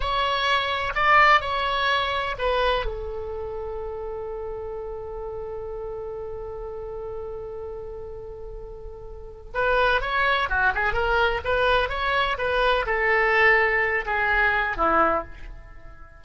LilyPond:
\new Staff \with { instrumentName = "oboe" } { \time 4/4 \tempo 4 = 126 cis''2 d''4 cis''4~ | cis''4 b'4 a'2~ | a'1~ | a'1~ |
a'1 | b'4 cis''4 fis'8 gis'8 ais'4 | b'4 cis''4 b'4 a'4~ | a'4. gis'4. e'4 | }